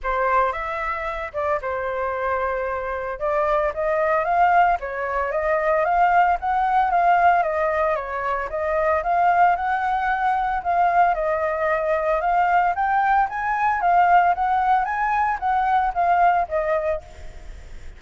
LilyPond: \new Staff \with { instrumentName = "flute" } { \time 4/4 \tempo 4 = 113 c''4 e''4. d''8 c''4~ | c''2 d''4 dis''4 | f''4 cis''4 dis''4 f''4 | fis''4 f''4 dis''4 cis''4 |
dis''4 f''4 fis''2 | f''4 dis''2 f''4 | g''4 gis''4 f''4 fis''4 | gis''4 fis''4 f''4 dis''4 | }